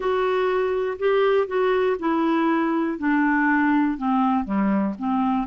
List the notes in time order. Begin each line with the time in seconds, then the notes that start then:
0.00 F#4
0.98 G4
1.47 F#4
1.99 E4
2.98 D4
3.97 C4
4.44 G3
4.98 C4